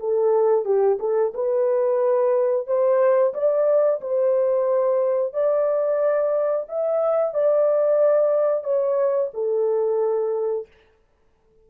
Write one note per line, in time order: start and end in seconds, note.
0.00 0.65 A4
0.65 0.98 G4
0.99 1.33 A4
1.34 2.67 B4
2.67 3.33 C5
3.34 4.00 D5
4.01 5.33 C5
5.33 6.67 D5
6.68 7.34 E5
7.34 8.64 D5
8.64 9.30 C#5
9.34 10.67 A4